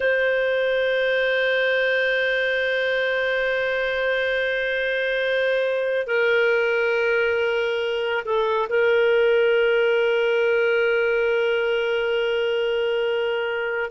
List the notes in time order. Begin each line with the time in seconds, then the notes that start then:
0.00 C5
6.07 A#4
8.25 A4
8.69 A#4